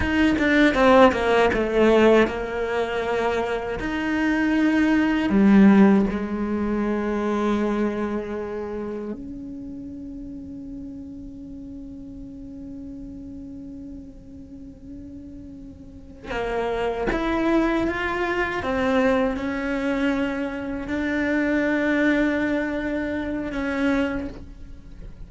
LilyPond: \new Staff \with { instrumentName = "cello" } { \time 4/4 \tempo 4 = 79 dis'8 d'8 c'8 ais8 a4 ais4~ | ais4 dis'2 g4 | gis1 | cis'1~ |
cis'1~ | cis'4. ais4 e'4 f'8~ | f'8 c'4 cis'2 d'8~ | d'2. cis'4 | }